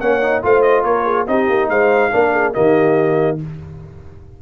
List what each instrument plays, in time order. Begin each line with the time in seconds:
0.00 tuba A#3, trombone C#4, horn C#5, trumpet F#5
0.21 trombone D#4
0.42 tuba A3, trombone F4, horn C5, trumpet F5
0.62 trumpet D#5
0.84 tuba A#3, horn A#4, trumpet C#5
1.04 horn G#4
1.27 tuba C4, trombone D#4, horn G4, trumpet D#5
1.49 tuba A#3
1.69 tuba G#3, horn C5, trumpet F5
2.11 tuba A#3, trombone D4, horn A#4
2.32 horn G#4
2.53 tuba D#3, trombone A#3, horn G4, trumpet D#5